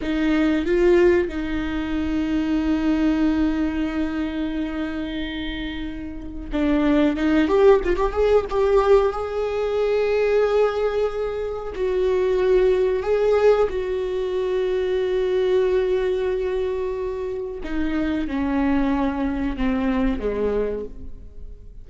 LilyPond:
\new Staff \with { instrumentName = "viola" } { \time 4/4 \tempo 4 = 92 dis'4 f'4 dis'2~ | dis'1~ | dis'2 d'4 dis'8 g'8 | f'16 g'16 gis'8 g'4 gis'2~ |
gis'2 fis'2 | gis'4 fis'2.~ | fis'2. dis'4 | cis'2 c'4 gis4 | }